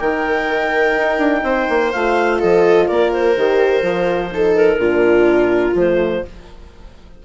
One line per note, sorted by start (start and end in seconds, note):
0.00 0.97 D#3
0.00 1.95 D#4
0.00 1.44 A#4
0.00 1.92 G5
0.97 1.18 D#4
1.18 1.42 D4
1.43 1.67 C4
1.43 2.39 C5
1.70 1.94 A#3
1.92 2.43 A3
1.92 3.37 F4
1.92 2.40 F5
2.39 2.90 F3
2.39 2.87 A4
2.39 2.88 D#5
2.88 3.37 A#3
2.88 4.32 A#4
2.88 3.12 D5
3.13 4.56 C5
3.37 3.83 D#3
3.37 3.83 G4
3.83 4.79 F3
3.83 4.31 F4
4.31 4.79 D#4
4.31 4.79 A4
4.56 5.76 A#4
4.79 5.75 A#2
4.79 5.75 D4
4.79 6.23 F4
5.75 6.23 F3
5.75 6.25 A3
5.75 6.25 C5